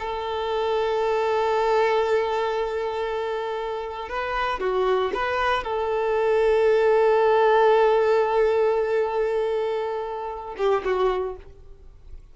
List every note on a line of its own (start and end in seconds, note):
0.00 4.10 A4
4.10 4.60 B4
4.60 5.12 F#4
5.14 5.64 B4
5.64 10.56 A4
10.58 10.84 G4
10.85 11.37 F#4